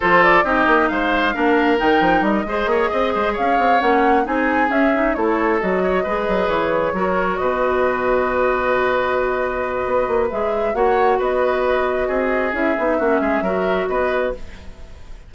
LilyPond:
<<
  \new Staff \with { instrumentName = "flute" } { \time 4/4 \tempo 4 = 134 c''8 d''8 dis''4 f''2 | g''4 dis''2~ dis''8 f''8~ | f''8 fis''4 gis''4 e''4 cis''8~ | cis''8 dis''2 cis''4.~ |
cis''8 dis''2.~ dis''8~ | dis''2. e''4 | fis''4 dis''2. | e''2. dis''4 | }
  \new Staff \with { instrumentName = "oboe" } { \time 4/4 a'4 g'4 c''4 ais'4~ | ais'4. c''8 cis''8 dis''8 c''8 cis''8~ | cis''4. gis'2 a'8~ | a'4 cis''8 b'2 ais'8~ |
ais'8 b'2.~ b'8~ | b'1 | cis''4 b'2 gis'4~ | gis'4 fis'8 gis'8 ais'4 b'4 | }
  \new Staff \with { instrumentName = "clarinet" } { \time 4/4 f'4 dis'2 d'4 | dis'4. gis'2~ gis'8~ | gis'8 cis'4 dis'4 cis'8 dis'8 e'8~ | e'8 fis'4 gis'2 fis'8~ |
fis'1~ | fis'2. gis'4 | fis'1 | e'8 dis'8 cis'4 fis'2 | }
  \new Staff \with { instrumentName = "bassoon" } { \time 4/4 f4 c'8 ais8 gis4 ais4 | dis8 f8 g8 gis8 ais8 c'8 gis8 cis'8 | c'8 ais4 c'4 cis'4 a8~ | a8 fis4 gis8 fis8 e4 fis8~ |
fis8 b,2.~ b,8~ | b,2 b8 ais8 gis4 | ais4 b2 c'4 | cis'8 b8 ais8 gis8 fis4 b4 | }
>>